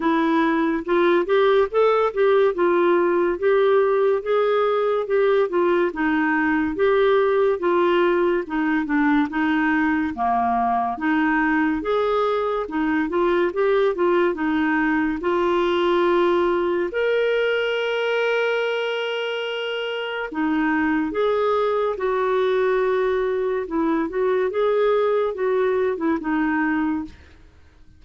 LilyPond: \new Staff \with { instrumentName = "clarinet" } { \time 4/4 \tempo 4 = 71 e'4 f'8 g'8 a'8 g'8 f'4 | g'4 gis'4 g'8 f'8 dis'4 | g'4 f'4 dis'8 d'8 dis'4 | ais4 dis'4 gis'4 dis'8 f'8 |
g'8 f'8 dis'4 f'2 | ais'1 | dis'4 gis'4 fis'2 | e'8 fis'8 gis'4 fis'8. e'16 dis'4 | }